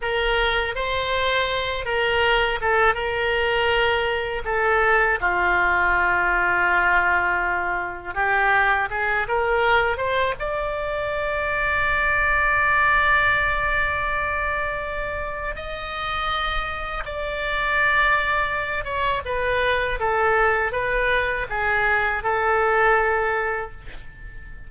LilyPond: \new Staff \with { instrumentName = "oboe" } { \time 4/4 \tempo 4 = 81 ais'4 c''4. ais'4 a'8 | ais'2 a'4 f'4~ | f'2. g'4 | gis'8 ais'4 c''8 d''2~ |
d''1~ | d''4 dis''2 d''4~ | d''4. cis''8 b'4 a'4 | b'4 gis'4 a'2 | }